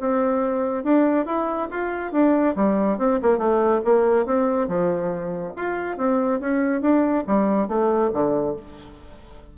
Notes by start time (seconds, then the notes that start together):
0.00 C4
0.83 D4
1.26 E4
1.70 F4
2.12 D4
2.55 G3
2.98 C4
3.22 A#3
3.38 A3
3.85 A#3
4.26 C4
4.68 F3
5.56 F4
5.97 C4
6.40 C#4
6.81 D4
7.27 G3
7.68 A3
8.13 D3